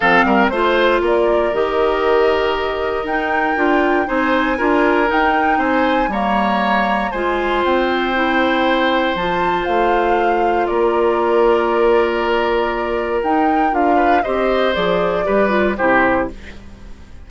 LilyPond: <<
  \new Staff \with { instrumentName = "flute" } { \time 4/4 \tempo 4 = 118 f''4 c''4 d''4 dis''4~ | dis''2 g''2 | gis''2 g''4 gis''4 | ais''2 gis''4 g''4~ |
g''2 a''4 f''4~ | f''4 d''2.~ | d''2 g''4 f''4 | dis''4 d''2 c''4 | }
  \new Staff \with { instrumentName = "oboe" } { \time 4/4 a'8 ais'8 c''4 ais'2~ | ais'1 | c''4 ais'2 c''4 | cis''2 c''2~ |
c''1~ | c''4 ais'2.~ | ais'2.~ ais'8 b'8 | c''2 b'4 g'4 | }
  \new Staff \with { instrumentName = "clarinet" } { \time 4/4 c'4 f'2 g'4~ | g'2 dis'4 f'4 | dis'4 f'4 dis'2 | ais2 f'2 |
e'2 f'2~ | f'1~ | f'2 dis'4 f'4 | g'4 gis'4 g'8 f'8 e'4 | }
  \new Staff \with { instrumentName = "bassoon" } { \time 4/4 f8 g8 a4 ais4 dis4~ | dis2 dis'4 d'4 | c'4 d'4 dis'4 c'4 | g2 gis4 c'4~ |
c'2 f4 a4~ | a4 ais2.~ | ais2 dis'4 d'4 | c'4 f4 g4 c4 | }
>>